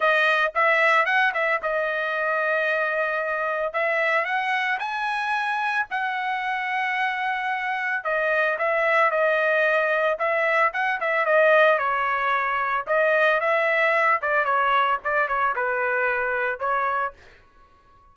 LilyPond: \new Staff \with { instrumentName = "trumpet" } { \time 4/4 \tempo 4 = 112 dis''4 e''4 fis''8 e''8 dis''4~ | dis''2. e''4 | fis''4 gis''2 fis''4~ | fis''2. dis''4 |
e''4 dis''2 e''4 | fis''8 e''8 dis''4 cis''2 | dis''4 e''4. d''8 cis''4 | d''8 cis''8 b'2 cis''4 | }